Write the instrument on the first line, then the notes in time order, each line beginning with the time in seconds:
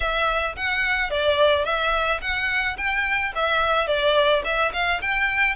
violin
0.00 E5
0.56 F#5
1.10 D5
1.64 E5
2.21 F#5
2.77 G5
3.35 E5
3.87 D5
4.44 E5
4.73 F5
5.02 G5